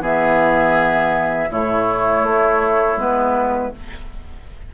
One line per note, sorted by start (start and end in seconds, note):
0.00 1.48 E3
0.00 1.49 B3
0.00 1.50 G#4
0.00 1.52 E5
1.50 2.23 A2
1.50 2.98 A3
1.50 3.72 E4
1.50 3.00 C#5
2.23 2.96 A3
2.96 3.71 G#3
2.96 3.72 B3
2.96 3.74 B4